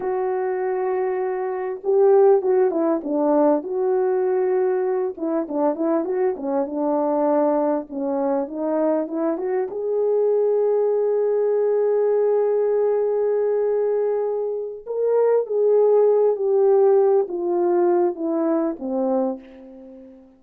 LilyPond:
\new Staff \with { instrumentName = "horn" } { \time 4/4 \tempo 4 = 99 fis'2. g'4 | fis'8 e'8 d'4 fis'2~ | fis'8 e'8 d'8 e'8 fis'8 cis'8 d'4~ | d'4 cis'4 dis'4 e'8 fis'8 |
gis'1~ | gis'1~ | gis'8 ais'4 gis'4. g'4~ | g'8 f'4. e'4 c'4 | }